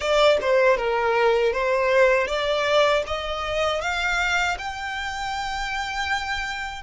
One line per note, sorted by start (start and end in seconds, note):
0.00 0.38 D5
0.41 0.77 C5
0.77 1.53 A#4
1.53 2.27 C5
2.27 3.03 D5
3.07 3.81 D#5
3.81 4.57 F5
4.58 6.82 G5